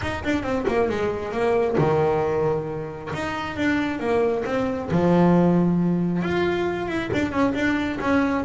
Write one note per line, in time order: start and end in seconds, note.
0.01 0.23 D#4
0.24 0.43 D4
0.43 0.65 C4
0.67 0.89 A#3
0.89 1.32 G#3
1.32 1.76 A#3
1.77 3.11 D#3
3.13 3.56 D#4
3.56 3.99 D4
3.99 4.44 A#3
4.45 4.89 C4
4.91 6.22 F3
6.22 6.87 F4
6.87 7.10 E4
7.13 7.31 D4
7.31 7.53 C#4
7.54 7.98 D4
8.00 8.44 C#4